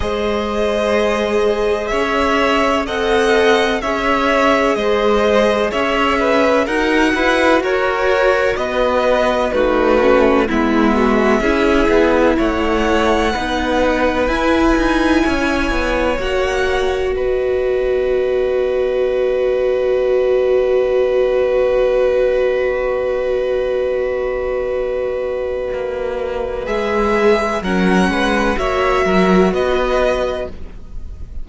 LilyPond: <<
  \new Staff \with { instrumentName = "violin" } { \time 4/4 \tempo 4 = 63 dis''2 e''4 fis''4 | e''4 dis''4 e''4 fis''4 | cis''4 dis''4 b'4 e''4~ | e''4 fis''2 gis''4~ |
gis''4 fis''4 dis''2~ | dis''1~ | dis''1 | e''4 fis''4 e''4 dis''4 | }
  \new Staff \with { instrumentName = "violin" } { \time 4/4 c''2 cis''4 dis''4 | cis''4 c''4 cis''8 b'8 ais'8 b'8 | ais'4 b'4 fis'4 e'8 fis'8 | gis'4 cis''4 b'2 |
cis''2 b'2~ | b'1~ | b'1~ | b'4 ais'8 b'8 cis''8 ais'8 b'4 | }
  \new Staff \with { instrumentName = "viola" } { \time 4/4 gis'2. a'4 | gis'2. fis'4~ | fis'2 dis'8 cis'8 b4 | e'2 dis'4 e'4~ |
e'4 fis'2.~ | fis'1~ | fis'1 | gis'4 cis'4 fis'2 | }
  \new Staff \with { instrumentName = "cello" } { \time 4/4 gis2 cis'4 c'4 | cis'4 gis4 cis'4 dis'8 e'8 | fis'4 b4 a4 gis4 | cis'8 b8 a4 b4 e'8 dis'8 |
cis'8 b8 ais4 b2~ | b1~ | b2. ais4 | gis4 fis8 gis8 ais8 fis8 b4 | }
>>